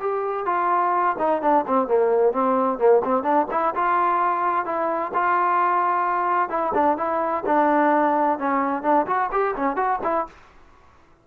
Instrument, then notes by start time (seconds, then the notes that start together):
trombone
0.00 G4
0.46 F4
1.19 D#4
1.42 D4
1.67 C4
1.88 A#3
2.33 C4
2.79 A#3
3.04 C4
3.23 D4
3.51 E4
3.75 F4
4.66 E4
5.14 F4
6.49 E4
6.74 D4
6.97 E4
7.46 D4
8.39 C#4
8.83 D4
9.07 F#4
9.32 G4
9.56 C#4
9.76 F#4
10.04 E4